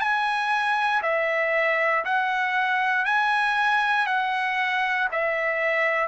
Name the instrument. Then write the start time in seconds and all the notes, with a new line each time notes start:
trumpet
0.00 G#5
1.03 E5
2.05 F#5
3.06 G#5
4.07 F#5
5.11 E5